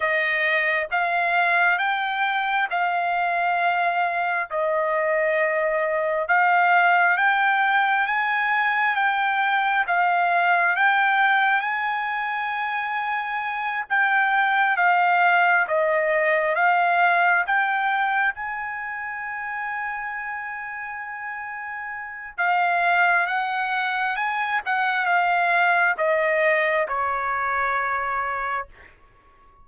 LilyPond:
\new Staff \with { instrumentName = "trumpet" } { \time 4/4 \tempo 4 = 67 dis''4 f''4 g''4 f''4~ | f''4 dis''2 f''4 | g''4 gis''4 g''4 f''4 | g''4 gis''2~ gis''8 g''8~ |
g''8 f''4 dis''4 f''4 g''8~ | g''8 gis''2.~ gis''8~ | gis''4 f''4 fis''4 gis''8 fis''8 | f''4 dis''4 cis''2 | }